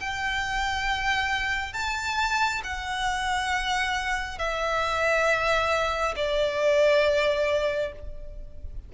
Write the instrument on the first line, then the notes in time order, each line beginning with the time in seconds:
violin
0.00 G5
1.73 A5
2.64 F#5
4.38 E5
6.16 D5